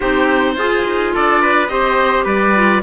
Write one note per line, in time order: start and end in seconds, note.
0.00 0.56 C4
0.00 0.57 D#4
0.00 0.55 G4
0.00 1.12 C5
0.56 0.84 F4
0.56 1.69 F4
0.56 1.14 G#4
0.85 1.13 D#4
1.14 1.68 D4
1.14 1.41 A4
1.14 1.67 D5
1.41 1.70 B4
1.67 2.25 C4
1.67 2.54 G4
1.67 2.24 C5
1.67 2.24 D#5
2.24 2.81 G3
2.24 2.81 B4
2.24 2.82 D5
2.55 2.82 F4